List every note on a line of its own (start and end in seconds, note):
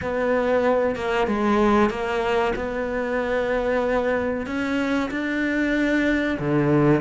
0.01 0.95 B3
0.95 1.27 A#3
1.27 1.89 G#3
1.89 2.53 A#3
2.55 4.46 B3
4.46 5.10 C#4
5.11 6.38 D4
6.39 7.01 D3